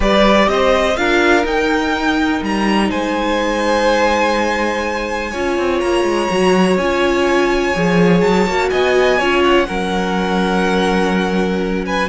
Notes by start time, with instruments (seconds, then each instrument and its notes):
0.00 cello G3, viola G4, violin B4 D5
0.47 cello C4, violin C5 D#5
0.96 cello D4, viola F4, violin A#4 F5
1.44 cello D#4, viola D#4, violin G5
2.42 cello G3, violin A#5
2.89 cello G#3, violin C5 G#5
5.31 cello C#4, viola F4, violin C#5
5.57 cello C4
5.80 cello A#3, violin A#5
6.03 cello G#3
6.30 cello F#3, viola F#4
6.77 cello C#4, viola F4, violin G#5
7.74 cello F3, viola G#4
8.21 cello F#3, violin A5
8.46 cello A#3, viola F#4
8.69 cello B3, violin D#5 G#5
9.18 cello C#4, viola F4, violin C#5
9.43 violin F#5
9.67 cello F#3, viola C#4, violin A#4
11.85 violin B4 G#5